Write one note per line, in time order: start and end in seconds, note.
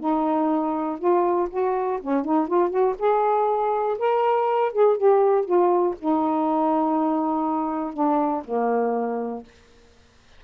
0.00 0.99 D#4
0.99 1.49 F4
1.50 1.99 F#4
2.01 2.25 C#4
2.25 2.47 D#4
2.47 2.70 F4
2.70 2.95 F#4
2.99 3.98 G#4
3.98 4.73 A#4
4.73 4.97 G#4
4.97 5.45 G4
5.45 5.95 F4
5.99 7.94 D#4
7.94 8.43 D4
8.44 9.43 A#3